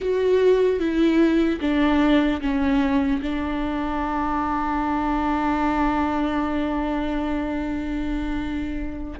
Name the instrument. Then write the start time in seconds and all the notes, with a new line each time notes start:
viola
0.00 F#4
0.79 E4
1.60 D4
2.41 C#4
3.22 D4